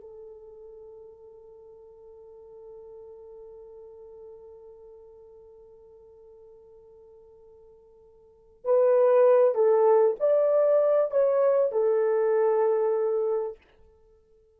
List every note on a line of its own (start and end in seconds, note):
0.00 8.65 A4
8.65 9.54 B4
9.54 10.16 A4
10.20 11.11 D5
11.11 11.72 C#5
11.72 13.57 A4